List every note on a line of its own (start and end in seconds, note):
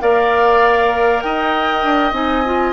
0.00 1.23 A#3
0.00 2.13 A#4
0.00 1.24 D5
0.00 1.21 F5
1.21 1.83 D#4
1.21 2.73 D#5
1.21 2.13 G5
1.83 2.12 D4
2.12 2.73 C4
2.12 2.43 D#4
2.12 2.73 G#5
2.45 2.73 F4